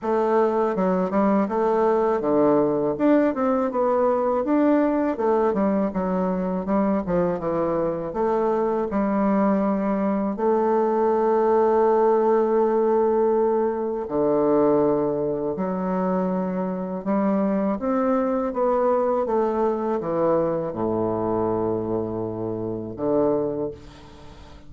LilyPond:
\new Staff \with { instrumentName = "bassoon" } { \time 4/4 \tempo 4 = 81 a4 fis8 g8 a4 d4 | d'8 c'8 b4 d'4 a8 g8 | fis4 g8 f8 e4 a4 | g2 a2~ |
a2. d4~ | d4 fis2 g4 | c'4 b4 a4 e4 | a,2. d4 | }